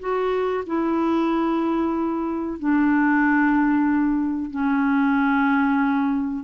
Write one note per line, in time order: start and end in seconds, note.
0.00 0.65 F#4
0.67 2.60 E4
2.60 4.51 D4
4.51 6.44 C#4